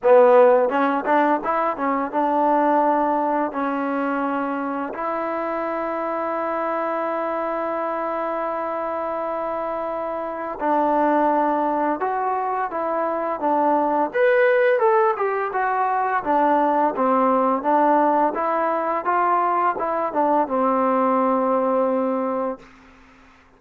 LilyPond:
\new Staff \with { instrumentName = "trombone" } { \time 4/4 \tempo 4 = 85 b4 cis'8 d'8 e'8 cis'8 d'4~ | d'4 cis'2 e'4~ | e'1~ | e'2. d'4~ |
d'4 fis'4 e'4 d'4 | b'4 a'8 g'8 fis'4 d'4 | c'4 d'4 e'4 f'4 | e'8 d'8 c'2. | }